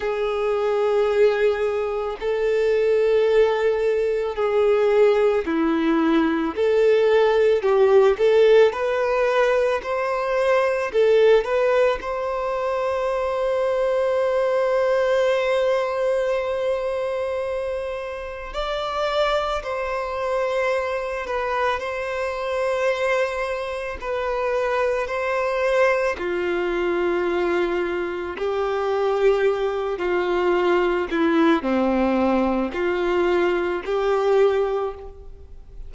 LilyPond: \new Staff \with { instrumentName = "violin" } { \time 4/4 \tempo 4 = 55 gis'2 a'2 | gis'4 e'4 a'4 g'8 a'8 | b'4 c''4 a'8 b'8 c''4~ | c''1~ |
c''4 d''4 c''4. b'8 | c''2 b'4 c''4 | f'2 g'4. f'8~ | f'8 e'8 c'4 f'4 g'4 | }